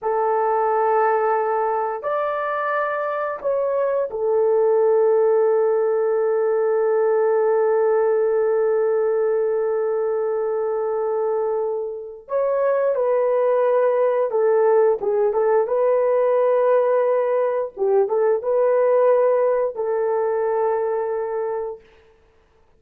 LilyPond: \new Staff \with { instrumentName = "horn" } { \time 4/4 \tempo 4 = 88 a'2. d''4~ | d''4 cis''4 a'2~ | a'1~ | a'1~ |
a'2 cis''4 b'4~ | b'4 a'4 gis'8 a'8 b'4~ | b'2 g'8 a'8 b'4~ | b'4 a'2. | }